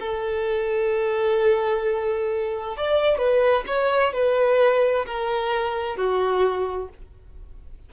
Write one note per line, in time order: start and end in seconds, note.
0.00 2.77 A4
2.77 3.18 D5
3.18 3.64 B4
3.67 4.13 C#5
4.13 5.06 B4
5.06 5.96 A#4
5.96 6.89 F#4